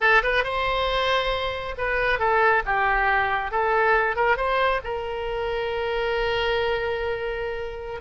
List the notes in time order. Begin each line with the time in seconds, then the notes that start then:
0.00 A4
0.22 B4
0.43 C5
1.77 B4
2.19 A4
2.65 G4
3.51 A4
4.16 A#4
4.36 C5
4.84 A#4